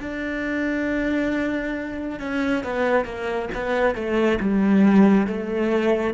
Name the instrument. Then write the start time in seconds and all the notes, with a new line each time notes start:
cello
0.00 D4
2.20 C#4
2.64 B3
3.05 A#3
3.54 B3
3.95 A3
4.40 G3
5.27 A3